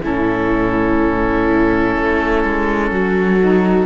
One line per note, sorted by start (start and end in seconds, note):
0.00 1.96 A2
0.00 3.39 C#4
0.00 2.92 E4
0.00 3.86 A4
1.96 2.44 A3
2.44 2.91 G#3
2.91 3.86 F#3
2.91 3.86 F#4
3.40 3.86 D#4